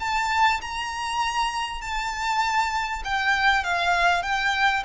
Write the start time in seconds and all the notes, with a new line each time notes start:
0.00 A5
0.61 A#5
1.82 A5
3.04 G5
3.64 F5
4.23 G5